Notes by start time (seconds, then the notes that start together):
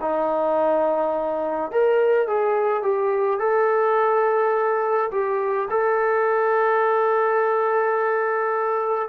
0.00 D#4
1.71 A#4
2.27 G#4
2.82 G4
3.39 A4
5.11 G4
5.70 A4